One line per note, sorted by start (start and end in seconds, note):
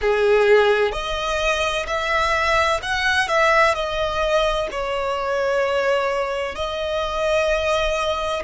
0.01 0.92 G#4
0.92 1.85 D#5
1.86 2.80 E5
2.82 3.28 F#5
3.28 3.74 E5
3.74 4.68 D#5
4.71 6.55 C#5
6.55 8.42 D#5